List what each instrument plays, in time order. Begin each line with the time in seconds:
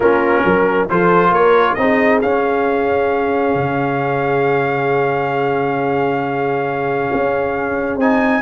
0.00 tuba A#3, trombone C#4, horn F4, trumpet A#4
0.44 tuba F#3, horn A#4
0.89 tuba F3, trombone F4, horn A4, trumpet C5
1.30 tuba A#3, horn A#4, trumpet C#5
1.74 tuba C4, trombone D#4, horn G#4, trumpet D#5
2.21 tuba C#4, trombone C#4, trumpet F5
3.54 tuba C#3
7.13 tuba C#4
7.96 tuba C4, trombone D#4, trumpet G#5